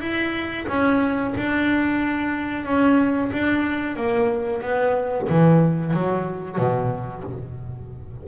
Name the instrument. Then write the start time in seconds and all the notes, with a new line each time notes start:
double bass
0.00 E4
0.68 C#4
1.37 D4
2.65 C#4
3.32 D4
3.96 A#3
4.62 B3
5.29 E3
5.93 F#3
6.58 B2